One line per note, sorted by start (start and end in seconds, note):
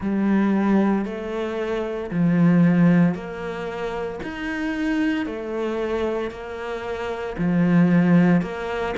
0.00 1.05 G3
1.05 2.10 A3
2.11 3.14 F3
3.14 4.20 A#3
4.23 5.26 D#4
5.26 6.30 A3
6.30 7.35 A#3
7.37 8.41 F3
8.41 8.94 A#3